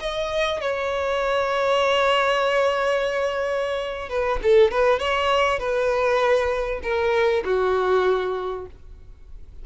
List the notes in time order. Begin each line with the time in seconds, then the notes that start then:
0.00 D#5
0.61 C#5
4.09 B4
4.43 A4
4.71 B4
4.99 C#5
5.59 B4
6.83 A#4
7.45 F#4